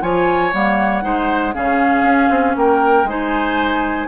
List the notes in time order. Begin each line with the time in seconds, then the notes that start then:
0.00 F3 F4 C#5 G#5
0.52 G3 A#3 F#5
1.01 G#3 D#4 C5
1.53 C#3 C#4 G#4 F5
2.02 C#4
2.29 C4
2.55 A#3 A#4 G5
3.03 G#3 D#4 C5 G#5